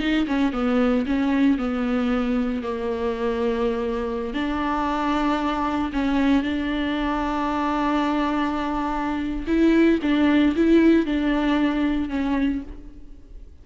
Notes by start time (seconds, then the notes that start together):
0.00 D#4
0.27 C#4
0.53 B3
1.07 C#4
1.59 B3
2.63 A#3
4.34 D4
5.93 C#4
6.43 D4
9.47 E4
10.03 D4
10.56 E4
11.06 D4
12.09 C#4